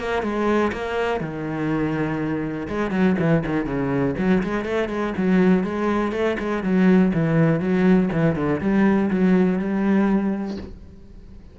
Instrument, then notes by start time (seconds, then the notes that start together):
cello
0.00 A#3
0.23 G#3
0.73 A#3
1.20 D#3
2.68 G#3
2.91 F#3
3.19 E3
3.46 D#3
3.66 C#3
4.18 F#3
4.44 G#3
4.65 A3
4.89 G#3
5.18 F#3
5.64 G#3
6.12 A3
6.40 G#3
6.64 F#3
7.14 E3
7.60 F#3
8.13 E3
8.36 D3
8.61 G3
9.11 F#3
9.59 G3